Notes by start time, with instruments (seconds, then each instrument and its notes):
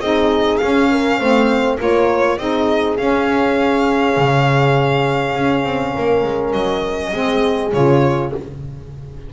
0.00 double bass C4, saxophone D#4, horn G#4, violin D#5
0.57 double bass C#4, saxophone C#4, violin F5
0.91 horn A#4
1.19 double bass A3, saxophone C4, horn C5
1.78 double bass A#3, saxophone F4, horn A#4, violin C#5
2.38 double bass C4, saxophone D#4, horn G#4, violin D#5
2.97 double bass C#4, saxophone C#4, violin F5
4.17 double bass C#3
5.35 double bass C#4
5.64 double bass C4
5.95 double bass A#3, horn A#4
6.24 double bass G#3
6.52 double bass F#3, violin D#5
7.12 double bass G#3, saxophone C4, horn G#4
7.72 double bass C#3, saxophone F4, violin C#5